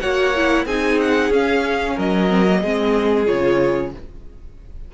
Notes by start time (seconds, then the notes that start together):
0.00 A#3 F#4 C#5 F#5
0.35 E4
0.65 C4 D#4 G#4 G#5
1.01 F#5
1.30 C#4 F5
1.95 F#3 A#4 D#5
2.29 C4
2.47 A#3
2.61 G#3 C4 G#4
3.26 C#3 F4 C#5